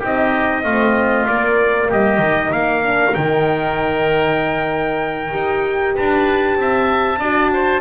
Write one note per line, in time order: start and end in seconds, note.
0.00 0.65 C4
0.00 0.65 D#4
0.00 0.62 G4
0.00 1.28 D#5
0.64 1.27 A3
0.64 1.28 C4
0.64 1.89 F4
1.28 2.22 A#3
1.28 1.91 A#3
1.28 1.90 D5
1.89 2.18 G3
1.89 2.52 G4
1.89 2.53 D#5
2.18 2.50 D#3
2.18 2.83 D#4
2.52 3.15 A#3
2.52 5.95 A#4
2.52 3.15 F5
2.83 3.14 D4
3.15 5.34 D#3
3.15 5.31 D#4
3.15 5.96 G5
5.31 5.96 D#4
5.31 7.18 G4
5.95 6.57 D4
5.95 6.58 B4
5.95 7.82 A5
6.57 7.19 C4
6.57 7.20 E5
7.19 7.82 D4
7.19 7.82 F#4
7.19 7.51 D5
7.54 7.82 C5